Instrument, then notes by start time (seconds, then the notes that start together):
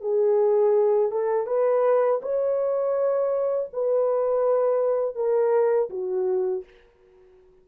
horn
0.00 G#4
1.11 A4
1.46 B4
2.22 C#5
3.73 B4
5.15 A#4
5.90 F#4